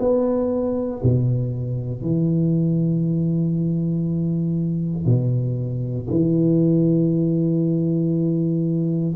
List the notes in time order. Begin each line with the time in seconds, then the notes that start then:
0.00 B3
1.03 B2
2.02 E3
5.06 B2
6.10 E3